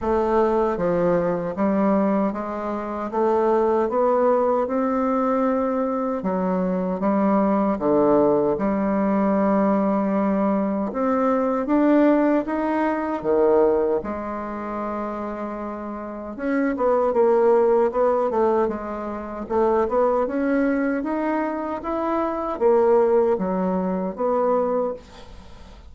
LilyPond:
\new Staff \with { instrumentName = "bassoon" } { \time 4/4 \tempo 4 = 77 a4 f4 g4 gis4 | a4 b4 c'2 | fis4 g4 d4 g4~ | g2 c'4 d'4 |
dis'4 dis4 gis2~ | gis4 cis'8 b8 ais4 b8 a8 | gis4 a8 b8 cis'4 dis'4 | e'4 ais4 fis4 b4 | }